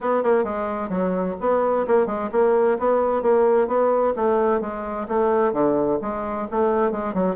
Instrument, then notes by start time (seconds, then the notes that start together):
bassoon
0.00 B3
0.23 A#3
0.44 G#3
0.89 F#3
1.40 B3
1.87 A#3
2.06 G#3
2.31 A#3
2.78 B3
3.22 A#3
3.67 B3
4.16 A3
4.60 G#3
5.07 A3
5.52 D3
6.01 G#3
6.50 A3
6.91 G#3
7.14 F#3